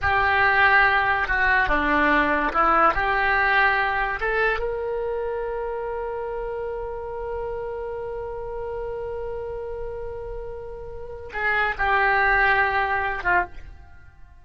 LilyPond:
\new Staff \with { instrumentName = "oboe" } { \time 4/4 \tempo 4 = 143 g'2. fis'4 | d'2 e'4 g'4~ | g'2 a'4 ais'4~ | ais'1~ |
ais'1~ | ais'1~ | ais'2. gis'4 | g'2.~ g'8 f'8 | }